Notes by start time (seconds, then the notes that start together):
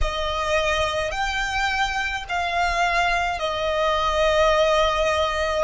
0.01 D#5
1.11 G5
2.28 F5
3.39 D#5